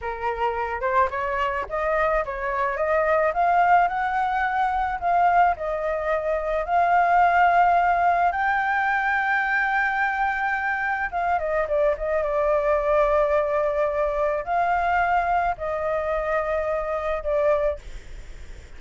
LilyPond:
\new Staff \with { instrumentName = "flute" } { \time 4/4 \tempo 4 = 108 ais'4. c''8 cis''4 dis''4 | cis''4 dis''4 f''4 fis''4~ | fis''4 f''4 dis''2 | f''2. g''4~ |
g''1 | f''8 dis''8 d''8 dis''8 d''2~ | d''2 f''2 | dis''2. d''4 | }